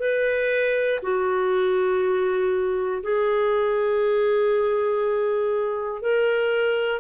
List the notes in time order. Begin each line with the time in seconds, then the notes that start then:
0.00 B4
1.03 F#4
3.04 G#4
6.02 A#4